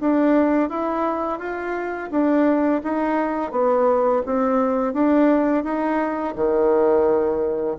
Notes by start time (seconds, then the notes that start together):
0.00 D4
0.69 E4
1.39 F4
2.11 D4
2.83 D#4
3.51 B3
4.26 C4
4.93 D4
5.63 D#4
6.36 D#3